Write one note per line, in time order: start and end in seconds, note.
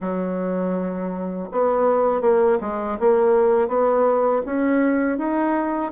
0.00 1.48 F#3
1.51 2.21 B3
2.21 2.58 A#3
2.61 2.98 G#3
2.99 3.68 A#3
3.68 4.42 B3
4.45 5.18 C#4
5.18 5.91 D#4